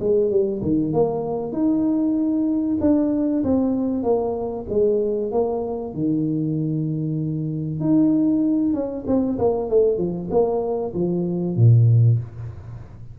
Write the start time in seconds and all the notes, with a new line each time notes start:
0.00 G#3
0.30 G3
0.62 D#3
0.93 A#3
1.53 D#4
2.81 D4
3.44 C4
4.03 A#3
4.69 G#3
5.32 A#3
5.94 D#3
7.80 D#4
8.74 C#4
9.07 C4
9.39 A#3
9.70 A3
9.98 F3
10.30 A#3
10.94 F3
11.56 A#2